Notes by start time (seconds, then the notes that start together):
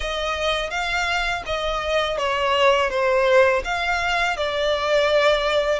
0.00 D#5
0.70 F5
1.46 D#5
2.17 C#5
2.89 C5
3.64 F5
4.36 D5